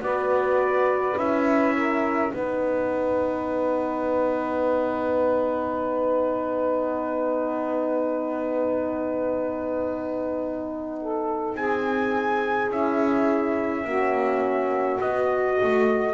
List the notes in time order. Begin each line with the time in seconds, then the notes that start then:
0.00 B3 F#4 B4 D5
1.16 C#4 E4 E5
1.75 A#4
2.32 B3 D#4 B4 F#5
11.01 A4
11.54 C4 G#4 G#5
12.69 C#4 E4 E5
13.84 A#3 C#4 F#4
15.00 B3 F#4 D#5
15.63 A3